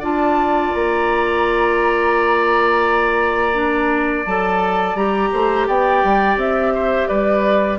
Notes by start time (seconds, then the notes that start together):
0.00 D4 F4 D5 A5
0.75 A#3 A#5
3.54 D4
4.26 F#3 A4 A5
4.95 G3 G4 A#5
5.33 A3 C5
5.68 B3 D5 G5
6.04 G3
6.36 C4 E5
6.75 C5
7.08 G3 B4 D5